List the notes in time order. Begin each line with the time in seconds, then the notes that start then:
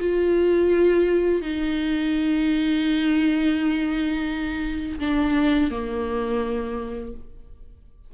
0.00 F4
1.42 D#4
5.00 D4
5.71 A#3